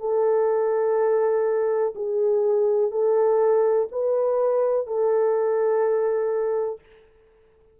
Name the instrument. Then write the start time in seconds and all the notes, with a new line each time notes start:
horn
0.00 A4
1.95 G#4
2.91 A4
3.91 B4
4.87 A4